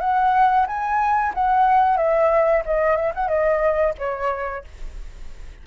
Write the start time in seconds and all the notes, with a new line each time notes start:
0.00 F#5
0.67 G#5
1.34 F#5
1.97 E5
2.65 D#5
2.96 E5
3.14 F#5
3.28 D#5
3.98 C#5